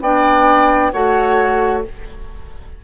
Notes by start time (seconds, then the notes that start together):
0.00 B3 D4 D5 G5
0.91 A3 F#4 C#5 F#5